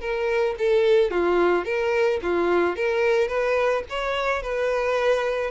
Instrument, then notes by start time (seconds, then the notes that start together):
violin
0.00 A#4
0.58 A4
1.11 F4
1.65 A#4
2.22 F4
2.76 A#4
3.28 B4
3.89 C#5
4.42 B4